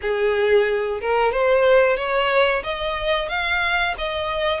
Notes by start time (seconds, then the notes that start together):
0.01 G#4
1.00 A#4
1.32 C5
1.97 C#5
2.63 D#5
3.28 F5
3.97 D#5